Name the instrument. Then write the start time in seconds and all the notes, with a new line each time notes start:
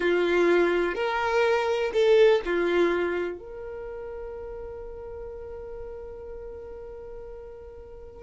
violin
0.00 F4
0.94 A#4
1.93 A4
2.45 F4
3.38 A#4